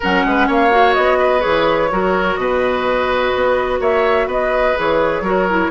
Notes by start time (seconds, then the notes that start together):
0.00 F#3 C#4 A#4 F#5
0.25 G#3 B4
0.47 A#3 C#5 F5
0.70 F#4
0.93 B3 D#5
1.18 B4
1.40 E3 G#4 C#5
1.90 F#3 F#4 A#4
2.35 B2 B4 D#5
3.35 B3
3.79 A#3 C#5 E5
4.26 B3 B4 D#5
4.76 E3 G#4 C#5
5.20 F#3 F#4 A#4
5.49 E4